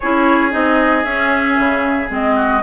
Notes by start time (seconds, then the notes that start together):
0.00 C#4 E4 G#4 C#5
0.50 C4 D#4 D#5
1.04 C#4 E5
1.58 C#3
2.09 G#3 C4 D#5
2.35 F#4